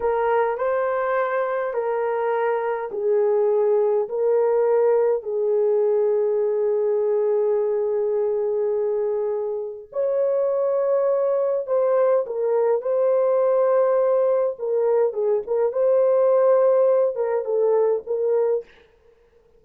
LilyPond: \new Staff \with { instrumentName = "horn" } { \time 4/4 \tempo 4 = 103 ais'4 c''2 ais'4~ | ais'4 gis'2 ais'4~ | ais'4 gis'2.~ | gis'1~ |
gis'4 cis''2. | c''4 ais'4 c''2~ | c''4 ais'4 gis'8 ais'8 c''4~ | c''4. ais'8 a'4 ais'4 | }